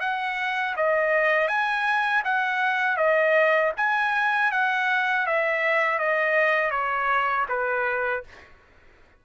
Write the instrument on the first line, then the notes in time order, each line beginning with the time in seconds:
trumpet
0.00 F#5
0.76 D#5
1.48 G#5
2.24 F#5
2.97 D#5
3.77 G#5
4.52 F#5
5.26 E5
5.99 D#5
6.71 C#5
7.49 B4